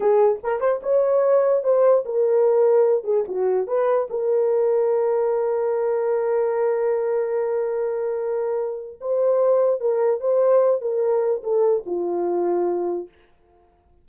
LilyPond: \new Staff \with { instrumentName = "horn" } { \time 4/4 \tempo 4 = 147 gis'4 ais'8 c''8 cis''2 | c''4 ais'2~ ais'8 gis'8 | fis'4 b'4 ais'2~ | ais'1~ |
ais'1~ | ais'2 c''2 | ais'4 c''4. ais'4. | a'4 f'2. | }